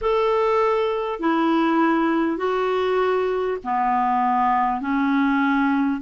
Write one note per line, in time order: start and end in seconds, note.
0.01 1.19 A4
1.19 2.37 E4
2.37 3.57 F#4
3.63 4.81 B3
4.81 6.01 C#4